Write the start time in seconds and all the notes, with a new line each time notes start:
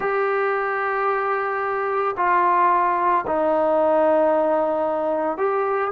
0.00 G4
2.16 F4
3.26 D#4
5.37 G4